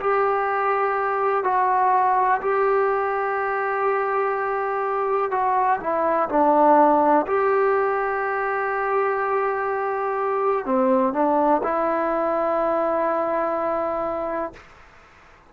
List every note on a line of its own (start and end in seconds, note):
0.00 1.43 G4
1.43 2.40 F#4
2.41 5.31 G4
5.31 5.79 F#4
5.80 6.29 E4
6.29 7.26 D4
7.26 10.65 G4
10.65 11.13 C4
11.13 11.61 D4
11.63 14.53 E4